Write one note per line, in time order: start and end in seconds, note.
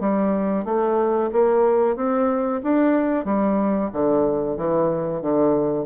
0.00 0.64 G3
0.64 1.30 A3
1.32 1.96 A#3
1.96 2.61 C4
2.63 3.25 D4
3.25 3.90 G3
3.92 4.57 D3
4.57 5.21 E3
5.21 5.85 D3